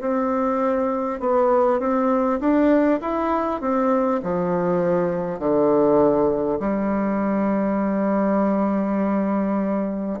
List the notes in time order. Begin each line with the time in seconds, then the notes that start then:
0.00 C4
1.19 B3
1.79 C4
2.40 D4
3.01 E4
3.61 C4
4.23 F3
5.39 D3
6.59 G3